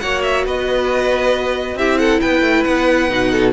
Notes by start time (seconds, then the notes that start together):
0.00 A#3 F#4 C#5 F#5
0.22 E5
0.45 B3 B4 D#5
1.75 C4 E4 G4 E5
1.98 A4 F#5
2.20 B3 B4 G5
2.41 A3
2.64 B3 F#5
3.09 B2 D#4
3.31 A4